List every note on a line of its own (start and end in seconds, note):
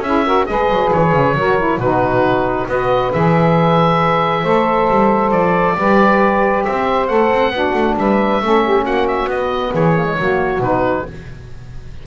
0.00 0.44 C#4
0.00 0.25 E4
0.00 0.25 G#4
0.00 0.46 E5
0.25 0.47 F#4
0.25 0.47 A#4
0.46 0.69 G#3
0.46 1.36 G#4
0.46 1.36 B4
0.46 0.90 D#5
0.69 0.91 F#3
0.92 1.12 E3
0.92 1.79 C#5
1.12 1.34 C#3
1.34 1.78 F#3
1.34 1.58 F#4
1.34 1.79 A#4
1.58 1.80 E4
1.78 2.66 B2
1.78 2.68 D#4
1.78 2.67 F#4
1.78 2.67 B4
2.68 3.12 B3
2.68 3.12 F#4
2.68 4.42 B4
2.68 3.12 D#5
3.12 4.44 E3
3.12 4.45 G#4
3.12 5.32 E5
4.42 4.88 A3
4.42 5.77 A4
4.42 5.75 C5
4.90 5.31 G3
5.31 5.75 F3
5.31 6.64 D5
5.77 6.66 G3
5.77 7.08 G4
5.77 6.66 B4
6.64 7.10 C4
6.64 7.53 C5
6.64 7.07 E5
7.07 7.31 A3
7.07 7.52 A4
7.07 7.95 F#5
7.31 7.49 C4
7.49 7.71 B3
7.49 8.41 D4
7.49 7.97 F#4
7.74 7.96 A3
7.97 8.41 G3
7.97 8.43 B4
7.97 8.85 E5
8.41 8.85 A3
8.41 9.30 C#4
8.41 8.64 A4
8.64 8.82 G4
8.82 9.25 A#3
8.82 9.70 F#4
8.82 9.07 F#5
9.07 9.29 E5
9.25 9.69 B3
9.25 9.94 B3
9.25 9.73 D#5
9.72 10.18 E3
9.72 10.16 G#4
9.72 10.62 C#5
9.94 10.05 A#3
10.05 10.16 G#3
10.18 10.59 F#3
10.18 10.61 A#3
10.18 11.06 F#4
10.59 11.03 B2
10.59 11.05 D#4
10.59 11.06 B4